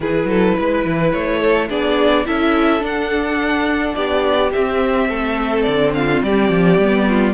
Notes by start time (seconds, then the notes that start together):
0.00 E3 E4 G#4 B4
0.24 F#3 A4
0.58 G#3 B4
0.85 E3
1.12 A3 C#5
1.39 A4
1.69 B3 D4 G#4 D5
2.25 C#4 E4 A4 E5
2.79 D4 F#5
3.94 B3 G4 D5
4.52 C4 E5
5.08 A3 A4
5.62 D3 D5
5.94 F4 F5
6.22 G3 G4 D5
6.49 F3
6.77 G3 B3
7.09 F4